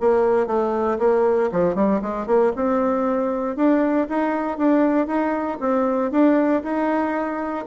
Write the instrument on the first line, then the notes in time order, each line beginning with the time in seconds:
bassoon
0.00 A#3
0.47 A3
0.99 A#3
1.52 F3
1.75 G3
2.02 G#3
2.26 A#3
2.55 C4
3.56 D4
4.09 D#4
4.58 D4
5.07 D#4
5.60 C4
6.11 D4
6.63 D#4